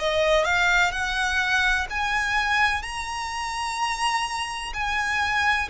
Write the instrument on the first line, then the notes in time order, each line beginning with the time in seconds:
violin
0.00 D#5
0.45 F5
0.92 F#5
1.90 G#5
2.83 A#5
4.74 G#5